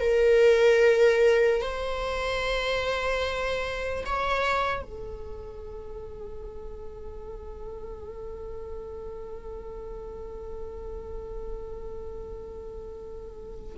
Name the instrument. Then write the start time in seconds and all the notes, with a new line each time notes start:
viola
0.00 A#4
1.61 C5
4.05 C#5
4.83 A4